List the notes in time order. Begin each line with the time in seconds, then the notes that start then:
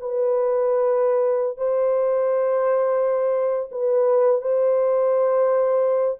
0.00 B4
1.57 C5
3.71 B4
4.41 C5